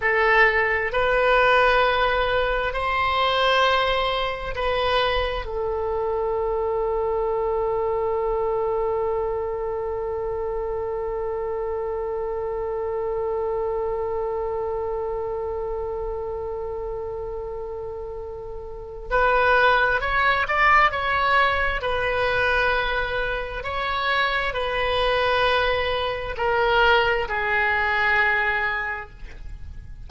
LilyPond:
\new Staff \with { instrumentName = "oboe" } { \time 4/4 \tempo 4 = 66 a'4 b'2 c''4~ | c''4 b'4 a'2~ | a'1~ | a'1~ |
a'1~ | a'4 b'4 cis''8 d''8 cis''4 | b'2 cis''4 b'4~ | b'4 ais'4 gis'2 | }